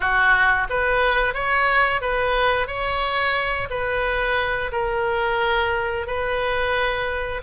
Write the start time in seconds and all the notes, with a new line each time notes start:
0.00 F#4
0.69 B4
1.34 C#5
2.01 B4
2.67 C#5
3.70 B4
4.72 A#4
6.06 B4